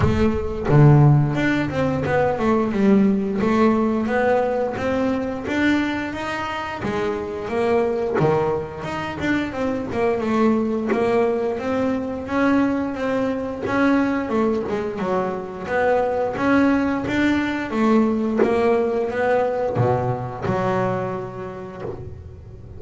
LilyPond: \new Staff \with { instrumentName = "double bass" } { \time 4/4 \tempo 4 = 88 a4 d4 d'8 c'8 b8 a8 | g4 a4 b4 c'4 | d'4 dis'4 gis4 ais4 | dis4 dis'8 d'8 c'8 ais8 a4 |
ais4 c'4 cis'4 c'4 | cis'4 a8 gis8 fis4 b4 | cis'4 d'4 a4 ais4 | b4 b,4 fis2 | }